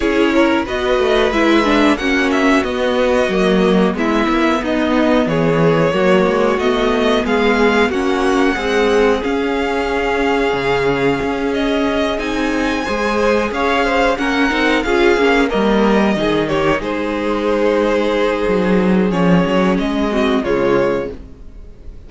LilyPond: <<
  \new Staff \with { instrumentName = "violin" } { \time 4/4 \tempo 4 = 91 cis''4 dis''4 e''4 fis''8 e''8 | dis''2 e''4 dis''4 | cis''2 dis''4 f''4 | fis''2 f''2~ |
f''4. dis''4 gis''4.~ | gis''8 f''4 fis''4 f''4 dis''8~ | dis''4 cis''8 c''2~ c''8~ | c''4 cis''4 dis''4 cis''4 | }
  \new Staff \with { instrumentName = "violin" } { \time 4/4 gis'8 ais'8 b'2 fis'4~ | fis'2 e'4 dis'4 | gis'4 fis'2 gis'4 | fis'4 gis'2.~ |
gis'2.~ gis'8 c''8~ | c''8 cis''8 c''8 ais'4 gis'4 ais'8~ | ais'8 gis'8 g'8 gis'2~ gis'8~ | gis'2~ gis'8 fis'8 f'4 | }
  \new Staff \with { instrumentName = "viola" } { \time 4/4 e'4 fis'4 e'8 d'8 cis'4 | b4 ais4 b2~ | b4 ais4 b2 | cis'4 gis4 cis'2~ |
cis'2~ cis'8 dis'4 gis'8~ | gis'4. cis'8 dis'8 f'8 cis'8 ais8~ | ais8 dis'2.~ dis'8~ | dis'4 cis'4. c'8 gis4 | }
  \new Staff \with { instrumentName = "cello" } { \time 4/4 cis'4 b8 a8 gis4 ais4 | b4 fis4 gis8 ais8 b4 | e4 fis8 gis8 a4 gis4 | ais4 c'4 cis'2 |
cis4 cis'4. c'4 gis8~ | gis8 cis'4 ais8 c'8 cis'8 ais8 g8~ | g8 dis4 gis2~ gis8 | fis4 f8 fis8 gis4 cis4 | }
>>